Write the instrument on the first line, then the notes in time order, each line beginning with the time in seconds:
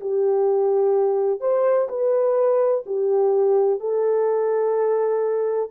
horn
0.00 G4
1.40 C5
1.88 B4
2.86 G4
3.80 A4